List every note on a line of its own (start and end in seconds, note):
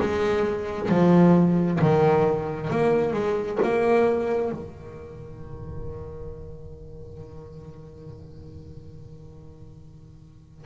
0.00 0.89 G#3
0.89 1.80 F3
1.81 2.70 D#3
2.70 3.13 A#3
3.13 3.59 G#3
3.63 4.52 A#3
4.52 10.65 D#3